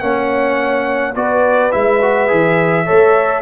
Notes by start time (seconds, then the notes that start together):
0.00 A#3 C#4 C#5 F#5
1.15 B3 F#4 B4 D5
1.71 G#3 E4 E5
2.02 F#4
2.28 E3 G#4
2.85 A3 A4 C#5